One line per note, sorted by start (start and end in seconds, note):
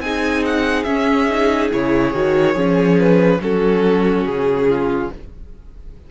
0.00 0.85 C4
0.00 0.86 D#4
0.00 2.56 G#4
0.00 0.43 G#5
0.46 0.84 F#5
0.84 1.29 C#4
0.84 1.71 C#4
0.84 1.68 E5
1.30 1.72 D#4
1.73 2.15 C#3
1.73 2.14 E4
1.73 2.99 C#5
2.14 2.55 D#3
2.14 2.54 F#4
2.54 3.40 F3
2.54 3.40 C#4
2.54 3.39 G#4
2.99 3.42 B4
3.41 4.24 F#3
3.41 5.10 C#4
3.41 4.69 F#4
3.41 4.26 A4
4.24 5.09 C#3
4.24 5.10 G#4
4.69 5.11 F4